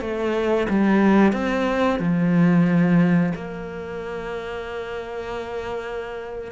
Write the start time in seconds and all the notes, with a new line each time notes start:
0.00 A3
0.69 G3
1.32 C4
1.99 F3
3.35 A#3